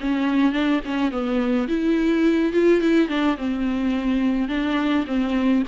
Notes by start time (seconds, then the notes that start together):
0.00 C#4
0.52 D4
0.85 C#4
1.11 B3
1.68 E4
2.52 F4
2.80 E4
3.08 D4
3.37 C4
4.48 D4
5.06 C4